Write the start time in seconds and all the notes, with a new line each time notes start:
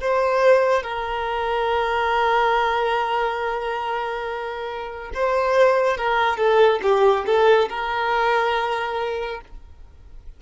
0.00 C5
0.83 A#4
5.14 C5
5.97 A#4
6.37 A4
6.82 G4
7.26 A4
7.69 A#4